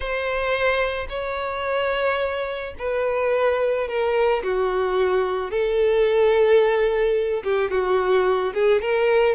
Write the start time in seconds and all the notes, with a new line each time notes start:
0.00 C5
1.09 C#5
2.78 B4
3.88 A#4
4.43 F#4
5.50 A4
7.43 G4
7.70 F#4
8.53 G#4
8.81 A#4